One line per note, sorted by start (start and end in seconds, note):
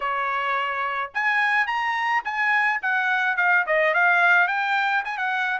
0.00 1.11 C#5
1.13 1.66 G#5
1.66 2.23 A#5
2.24 2.80 G#5
2.82 3.36 F#5
3.36 3.64 F5
3.66 3.94 D#5
3.94 4.47 F5
4.47 5.03 G5
5.04 5.17 G#5
5.17 5.59 F#5